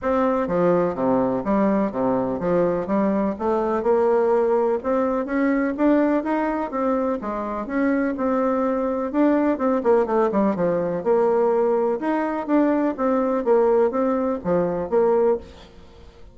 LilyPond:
\new Staff \with { instrumentName = "bassoon" } { \time 4/4 \tempo 4 = 125 c'4 f4 c4 g4 | c4 f4 g4 a4 | ais2 c'4 cis'4 | d'4 dis'4 c'4 gis4 |
cis'4 c'2 d'4 | c'8 ais8 a8 g8 f4 ais4~ | ais4 dis'4 d'4 c'4 | ais4 c'4 f4 ais4 | }